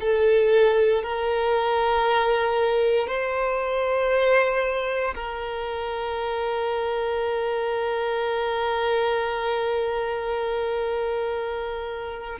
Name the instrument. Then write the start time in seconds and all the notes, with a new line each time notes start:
violin
0.00 A4
1.03 A#4
3.07 C5
5.14 A#4